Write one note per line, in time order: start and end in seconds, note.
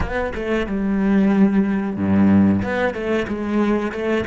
0.00 0.32 B3
0.34 0.66 A3
0.66 1.96 G3
1.97 2.62 G2
2.62 2.93 B3
2.93 3.26 A3
3.28 3.92 G#3
3.92 4.24 A3